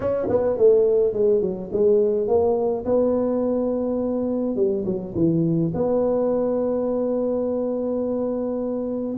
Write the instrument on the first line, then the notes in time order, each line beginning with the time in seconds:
tuba
0.00 C#4
0.29 B3
0.57 A3
1.13 G#3
1.41 F#3
1.72 G#3
2.27 A#3
2.85 B3
4.56 G3
4.85 F#3
5.15 E3
5.74 B3